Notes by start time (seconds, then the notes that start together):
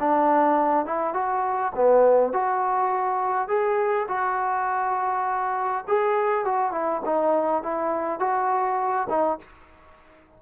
0.00 D4
0.86 E4
1.14 F#4
1.76 B3
2.33 F#4
3.48 G#4
4.08 F#4
5.88 G#4
6.45 F#4
6.72 E4
7.06 D#4
7.63 E4
8.20 F#4
9.10 D#4